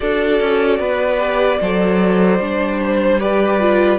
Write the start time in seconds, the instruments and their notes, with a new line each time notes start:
0.00 cello D4, viola F#4, violin A4 D5
0.40 cello C#4
0.79 cello B3, violin B4
1.18 viola G4
1.61 cello F#3, viola A4, violin C5
2.39 cello G3, viola D4
2.81 violin C5
3.19 viola G4, violin B4 D5
3.59 viola F4